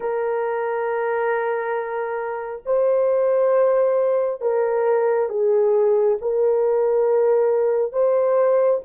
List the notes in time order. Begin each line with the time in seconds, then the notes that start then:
0.00 A#4
2.65 C5
4.41 A#4
5.29 G#4
6.21 A#4
7.92 C5